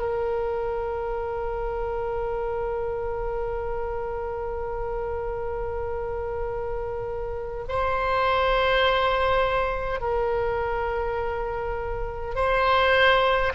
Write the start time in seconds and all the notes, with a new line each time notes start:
0.00 A#4
7.68 C5
10.01 A#4
12.36 C5